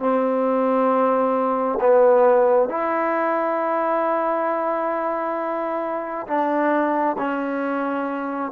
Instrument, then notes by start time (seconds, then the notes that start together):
trombone
0.00 C4
1.81 B3
2.69 E4
6.27 D4
7.18 C#4